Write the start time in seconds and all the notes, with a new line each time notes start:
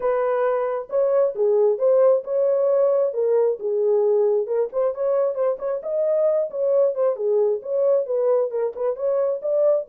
0.00 B4
0.89 C#5
1.35 G#4
1.78 C5
2.23 C#5
3.13 A#4
3.59 G#4
4.47 A#4
4.72 C5
4.94 C#5
5.34 C5
5.58 C#5
5.82 D#5
6.50 C#5
6.95 C5
7.16 G#4
7.62 C#5
8.06 B4
8.50 A#4
8.75 B4
8.96 C#5
9.42 D5